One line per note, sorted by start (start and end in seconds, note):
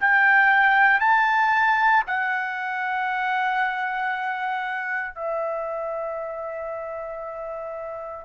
0.00 1.00 G5
1.00 2.04 A5
2.07 5.15 F#5
5.15 8.25 E5